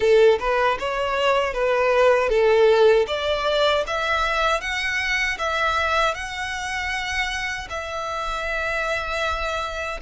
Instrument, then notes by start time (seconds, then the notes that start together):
violin
0.00 A4
0.39 B4
0.79 C#5
1.53 B4
2.29 A4
3.07 D5
3.86 E5
4.60 F#5
5.38 E5
6.14 F#5
7.69 E5